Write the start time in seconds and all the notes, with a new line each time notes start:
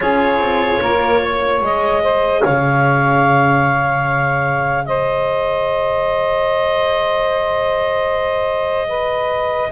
0.00 C#4 F4 G#4 C#5
0.39 C4
0.81 A#3 A#4
1.22 C#5
1.60 G#3 G#4 D#5
2.02 C5
2.40 C#3 C#5 F5
4.85 G#3 C5 D#5
8.88 B4